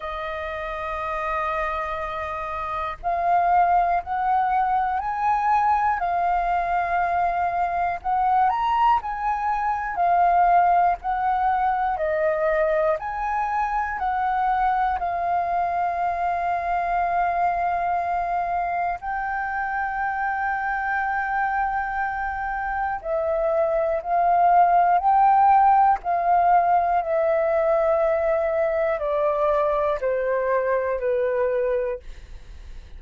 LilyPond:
\new Staff \with { instrumentName = "flute" } { \time 4/4 \tempo 4 = 60 dis''2. f''4 | fis''4 gis''4 f''2 | fis''8 ais''8 gis''4 f''4 fis''4 | dis''4 gis''4 fis''4 f''4~ |
f''2. g''4~ | g''2. e''4 | f''4 g''4 f''4 e''4~ | e''4 d''4 c''4 b'4 | }